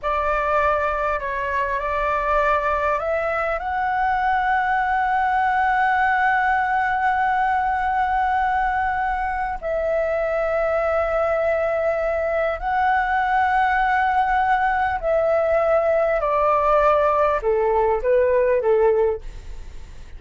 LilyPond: \new Staff \with { instrumentName = "flute" } { \time 4/4 \tempo 4 = 100 d''2 cis''4 d''4~ | d''4 e''4 fis''2~ | fis''1~ | fis''1 |
e''1~ | e''4 fis''2.~ | fis''4 e''2 d''4~ | d''4 a'4 b'4 a'4 | }